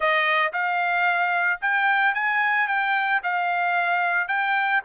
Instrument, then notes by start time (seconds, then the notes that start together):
trumpet
0.00 D#5
0.52 F5
1.61 G5
2.14 G#5
2.67 G5
3.23 F5
4.28 G5